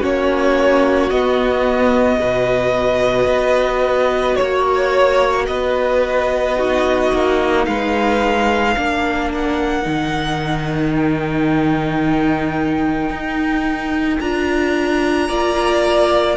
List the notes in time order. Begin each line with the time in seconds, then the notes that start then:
0.00 A#3 C#4 F#4 C#5
1.10 B3 D#5
2.19 B2 F#4 B4
3.26 B3
4.36 A#3 C#5
5.47 B3 B4 D#5
6.56 D#4 F#4
7.12 A#3
7.65 G#3 B4 F5
8.76 A#3 D4 A#4
9.34 F#5
9.82 D#3 D#4
10.95 G5
13.10 D#4
14.20 D4 F4 A#5
15.29 A#3 D5